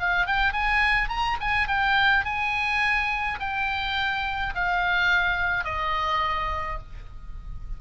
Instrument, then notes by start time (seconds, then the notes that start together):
oboe
0.00 F5
0.27 G5
0.53 G#5
1.09 A#5
1.41 G#5
1.68 G5
2.25 G#5
3.40 G5
4.55 F5
5.65 D#5